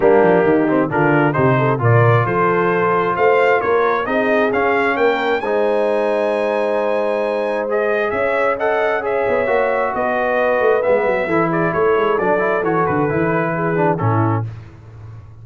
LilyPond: <<
  \new Staff \with { instrumentName = "trumpet" } { \time 4/4 \tempo 4 = 133 g'2 ais'4 c''4 | d''4 c''2 f''4 | cis''4 dis''4 f''4 g''4 | gis''1~ |
gis''4 dis''4 e''4 fis''4 | e''2 dis''2 | e''4. d''8 cis''4 d''4 | cis''8 b'2~ b'8 a'4 | }
  \new Staff \with { instrumentName = "horn" } { \time 4/4 d'4 dis'4 f'4 g'8 a'8 | ais'4 a'2 c''4 | ais'4 gis'2 ais'4 | c''1~ |
c''2 cis''4 dis''4 | cis''2 b'2~ | b'4 a'8 gis'8 a'2~ | a'2 gis'4 e'4 | }
  \new Staff \with { instrumentName = "trombone" } { \time 4/4 ais4. c'8 d'4 dis'4 | f'1~ | f'4 dis'4 cis'2 | dis'1~ |
dis'4 gis'2 a'4 | gis'4 fis'2. | b4 e'2 d'8 e'8 | fis'4 e'4. d'8 cis'4 | }
  \new Staff \with { instrumentName = "tuba" } { \time 4/4 g8 f8 dis4 d4 c4 | ais,4 f2 a4 | ais4 c'4 cis'4 ais4 | gis1~ |
gis2 cis'2~ | cis'8 b8 ais4 b4. a8 | gis8 fis8 e4 a8 gis8 fis4 | e8 d8 e2 a,4 | }
>>